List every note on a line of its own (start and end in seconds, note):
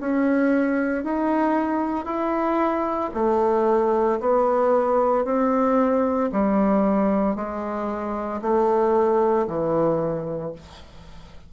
0.00 1.04 C#4
1.04 2.05 D#4
2.05 3.11 E4
3.14 4.19 A3
4.20 5.24 B3
5.24 6.30 C4
6.32 7.35 G3
7.35 8.41 G#3
8.42 9.47 A3
9.47 10.53 E3